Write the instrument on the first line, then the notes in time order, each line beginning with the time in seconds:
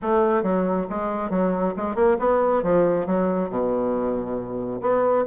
bassoon
0.02 A3
0.42 F#3
0.89 G#3
1.30 F#3
1.76 G#3
1.95 A#3
2.19 B3
2.62 F3
3.06 F#3
3.49 B2
4.81 B3